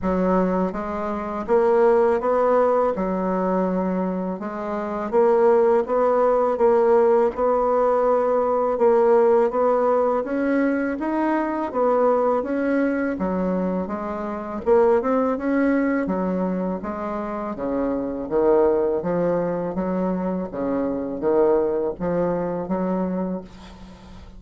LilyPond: \new Staff \with { instrumentName = "bassoon" } { \time 4/4 \tempo 4 = 82 fis4 gis4 ais4 b4 | fis2 gis4 ais4 | b4 ais4 b2 | ais4 b4 cis'4 dis'4 |
b4 cis'4 fis4 gis4 | ais8 c'8 cis'4 fis4 gis4 | cis4 dis4 f4 fis4 | cis4 dis4 f4 fis4 | }